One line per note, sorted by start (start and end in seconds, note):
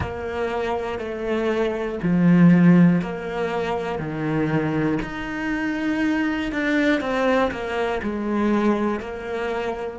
0.00 0.99 A#3
0.99 1.99 A3
2.03 3.01 F3
3.01 3.99 A#3
3.99 4.99 D#3
5.02 6.51 D#4
6.51 7.00 D4
7.00 7.50 C4
7.51 8.01 A#3
8.02 9.00 G#3
9.00 9.98 A#3